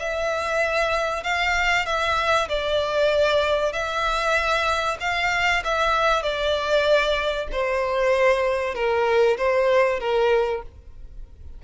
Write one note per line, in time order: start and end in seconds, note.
0.00 1.24 E5
1.24 1.86 F5
1.86 2.49 E5
2.49 3.73 D5
3.73 4.98 E5
5.01 5.63 F5
5.65 6.23 E5
6.23 7.48 D5
7.52 8.75 C5
8.75 9.38 A#4
9.38 10.00 C5
10.00 10.63 A#4